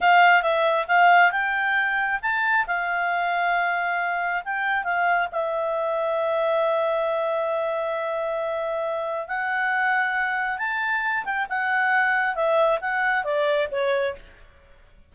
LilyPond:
\new Staff \with { instrumentName = "clarinet" } { \time 4/4 \tempo 4 = 136 f''4 e''4 f''4 g''4~ | g''4 a''4 f''2~ | f''2 g''4 f''4 | e''1~ |
e''1~ | e''4 fis''2. | a''4. g''8 fis''2 | e''4 fis''4 d''4 cis''4 | }